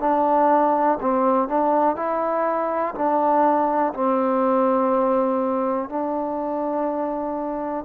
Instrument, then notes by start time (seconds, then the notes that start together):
trombone
0.00 D4
1.01 C4
1.48 D4
1.96 E4
2.95 D4
3.93 C4
5.89 D4